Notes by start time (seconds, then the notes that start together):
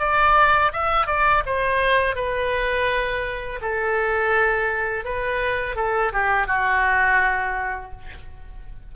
0.00 D5
0.73 E5
1.07 D5
1.46 C5
2.16 B4
3.62 A4
5.05 B4
5.76 A4
6.13 G4
6.47 F#4